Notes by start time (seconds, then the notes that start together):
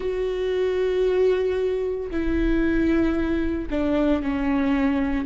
0.00 F#4
2.11 E4
3.70 D4
4.22 C#4